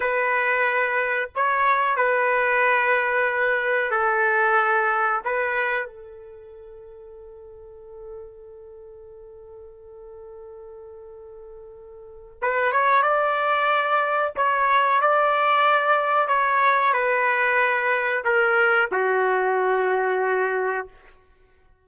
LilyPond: \new Staff \with { instrumentName = "trumpet" } { \time 4/4 \tempo 4 = 92 b'2 cis''4 b'4~ | b'2 a'2 | b'4 a'2.~ | a'1~ |
a'2. b'8 cis''8 | d''2 cis''4 d''4~ | d''4 cis''4 b'2 | ais'4 fis'2. | }